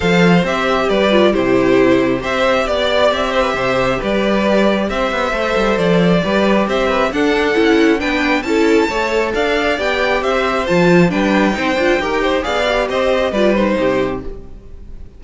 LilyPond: <<
  \new Staff \with { instrumentName = "violin" } { \time 4/4 \tempo 4 = 135 f''4 e''4 d''4 c''4~ | c''4 e''4 d''4 e''4~ | e''4 d''2 e''4~ | e''4 d''2 e''4 |
fis''2 g''4 a''4~ | a''4 f''4 g''4 e''4 | a''4 g''2. | f''4 dis''4 d''8 c''4. | }
  \new Staff \with { instrumentName = "violin" } { \time 4/4 c''2 b'4 g'4~ | g'4 c''4 d''4. c''16 b'16 | c''4 b'2 c''4~ | c''2 b'4 c''8 b'8 |
a'2 b'4 a'4 | cis''4 d''2 c''4~ | c''4 b'4 c''4 ais'8 c''8 | d''4 c''4 b'4 g'4 | }
  \new Staff \with { instrumentName = "viola" } { \time 4/4 a'4 g'4. f'8 e'4~ | e'4 g'2.~ | g'1 | a'2 g'2 |
d'4 e'4 d'4 e'4 | a'2 g'2 | f'4 d'4 dis'8 f'8 g'4 | gis'8 g'4. f'8 dis'4. | }
  \new Staff \with { instrumentName = "cello" } { \time 4/4 f4 c'4 g4 c4~ | c4 c'4 b4 c'4 | c4 g2 c'8 b8 | a8 g8 f4 g4 c'4 |
d'4 cis'4 b4 cis'4 | a4 d'4 b4 c'4 | f4 g4 c'8 d'8 dis'4 | b4 c'4 g4 c4 | }
>>